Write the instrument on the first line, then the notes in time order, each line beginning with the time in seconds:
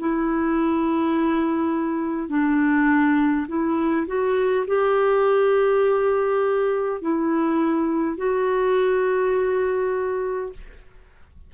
clarinet
0.00 E4
2.29 D4
3.48 E4
4.07 F#4
4.67 G4
7.02 E4
8.18 F#4